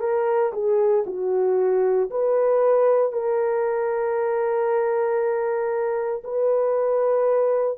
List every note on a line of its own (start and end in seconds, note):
0.00 0.52 A#4
0.53 1.04 G#4
1.06 2.10 F#4
2.10 3.12 B4
3.12 6.23 A#4
6.24 7.78 B4